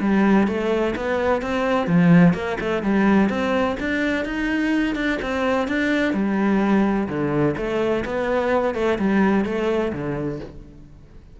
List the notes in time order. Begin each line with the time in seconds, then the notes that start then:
0.00 G3
0.47 A3
0.95 B3
1.42 C4
1.87 F3
2.34 A#3
2.60 A3
2.82 G3
3.29 C4
3.79 D4
4.25 D#4
4.95 D4
5.22 C4
5.68 D4
6.13 G3
7.08 D3
7.57 A3
8.05 B3
8.74 A3
8.98 G3
9.45 A3
9.92 D3